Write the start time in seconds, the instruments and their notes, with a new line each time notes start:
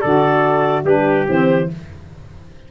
0.00 tuba D3, saxophone F#4, trumpet A4, clarinet D5
0.84 tuba G3, saxophone D4, trumpet G4, clarinet B4
1.28 tuba E3, saxophone C4, clarinet C5